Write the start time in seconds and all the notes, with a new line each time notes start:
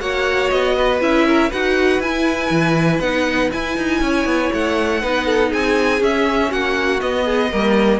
0.00 A#3 F#4 C#5 F#5
0.50 B3 D#5
0.78 B4
1.00 C#4 E4 E5
1.27 A#4
1.49 D#4 F#4 B4 F#5
2.00 E4 G#5
2.50 E3
3.00 B3 D#4 F#5
3.52 E4 G#5
3.77 D#4
4.02 C#4 C#5
4.25 B3
4.53 A3 F#5
5.02 B3 D#4 B4
5.26 A4
5.50 C4 G#4 G#5
6.00 C#4 E5
6.50 A#3 F#4 F#5
7.00 B3 D#5
7.25 G#4
7.51 G3 A#3 A#4